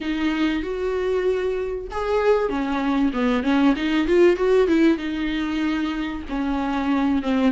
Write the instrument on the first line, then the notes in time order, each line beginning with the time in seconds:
viola
0.01 D#4
0.62 F#4
1.91 G#4
2.49 C#4
3.13 B3
3.43 C#4
3.76 D#4
4.07 F4
4.36 F#4
4.67 E4
4.97 D#4
6.29 C#4
7.22 C4